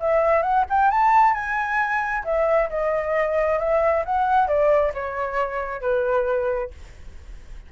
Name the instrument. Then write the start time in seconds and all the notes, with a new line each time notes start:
flute
0.00 E5
0.43 F#5
0.70 G5
0.91 A5
1.34 G#5
2.24 E5
2.70 D#5
3.59 E5
4.05 F#5
4.48 D5
4.94 C#5
5.81 B4